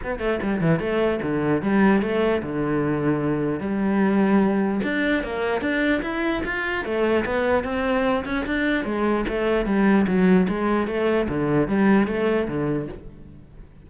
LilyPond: \new Staff \with { instrumentName = "cello" } { \time 4/4 \tempo 4 = 149 b8 a8 g8 e8 a4 d4 | g4 a4 d2~ | d4 g2. | d'4 ais4 d'4 e'4 |
f'4 a4 b4 c'4~ | c'8 cis'8 d'4 gis4 a4 | g4 fis4 gis4 a4 | d4 g4 a4 d4 | }